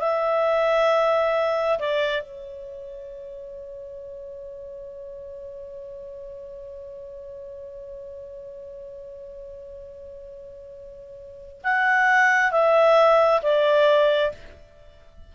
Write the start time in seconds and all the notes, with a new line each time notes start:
0.00 E5
1.80 D5
2.22 C#5
11.64 F#5
12.52 E5
13.43 D5